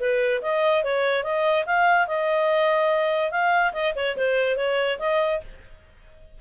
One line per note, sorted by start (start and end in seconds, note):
0.00 0.42 B4
0.42 0.84 D#5
0.84 1.24 C#5
1.24 1.66 D#5
1.66 2.08 F5
2.08 3.31 D#5
3.31 3.73 F5
3.73 3.94 D#5
3.96 4.17 C#5
4.17 4.57 C5
4.57 4.99 C#5
4.99 5.41 D#5